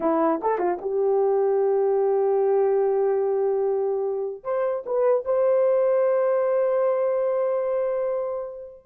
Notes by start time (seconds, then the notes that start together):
0.00 E4
0.42 A4
0.58 F4
0.81 G4
4.43 C5
4.85 B4
5.24 C5